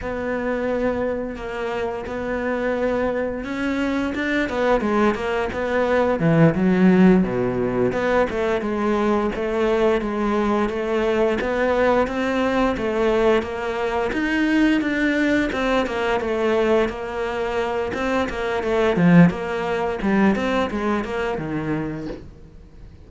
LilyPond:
\new Staff \with { instrumentName = "cello" } { \time 4/4 \tempo 4 = 87 b2 ais4 b4~ | b4 cis'4 d'8 b8 gis8 ais8 | b4 e8 fis4 b,4 b8 | a8 gis4 a4 gis4 a8~ |
a8 b4 c'4 a4 ais8~ | ais8 dis'4 d'4 c'8 ais8 a8~ | a8 ais4. c'8 ais8 a8 f8 | ais4 g8 c'8 gis8 ais8 dis4 | }